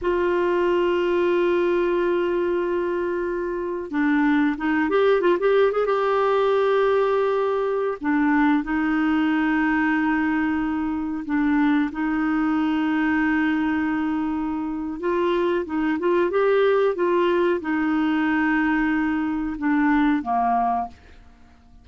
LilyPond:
\new Staff \with { instrumentName = "clarinet" } { \time 4/4 \tempo 4 = 92 f'1~ | f'2 d'4 dis'8 g'8 | f'16 g'8 gis'16 g'2.~ | g'16 d'4 dis'2~ dis'8.~ |
dis'4~ dis'16 d'4 dis'4.~ dis'16~ | dis'2. f'4 | dis'8 f'8 g'4 f'4 dis'4~ | dis'2 d'4 ais4 | }